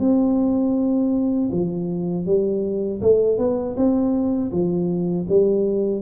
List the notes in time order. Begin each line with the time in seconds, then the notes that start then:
0.00 C4
1.52 F3
2.26 G3
3.01 A3
3.38 B3
3.77 C4
4.52 F3
5.29 G3